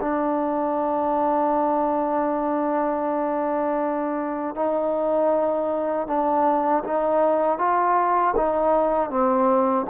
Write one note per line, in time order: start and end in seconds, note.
0.00 4.55 D4
4.55 6.07 D#4
6.07 6.83 D4
6.84 7.58 D#4
7.58 8.34 F4
8.36 9.10 D#4
9.10 9.86 C4